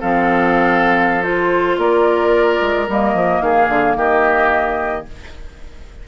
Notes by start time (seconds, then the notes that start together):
0.00 F3 C4 A4 F5
1.23 F4 C5
1.77 A#3 A#4 D5
2.61 G#3
2.88 G3 A#3 D#5
3.14 F3
3.41 D#3 G#4 F5
3.68 D3
3.96 D#3 G4 D#5